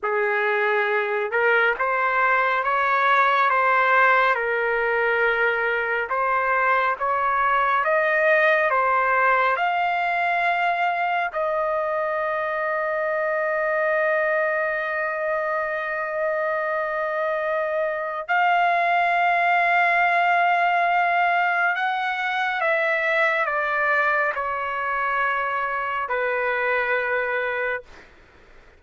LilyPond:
\new Staff \with { instrumentName = "trumpet" } { \time 4/4 \tempo 4 = 69 gis'4. ais'8 c''4 cis''4 | c''4 ais'2 c''4 | cis''4 dis''4 c''4 f''4~ | f''4 dis''2.~ |
dis''1~ | dis''4 f''2.~ | f''4 fis''4 e''4 d''4 | cis''2 b'2 | }